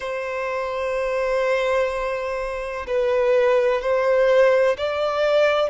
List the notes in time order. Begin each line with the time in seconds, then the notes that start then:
0.00 C5
2.86 B4
3.81 C5
4.77 D5